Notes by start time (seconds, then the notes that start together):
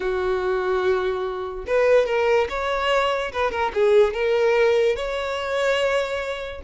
0.00 F#4
1.66 B4
2.06 A#4
2.49 C#5
3.32 B4
3.51 A#4
3.74 G#4
4.13 A#4
4.95 C#5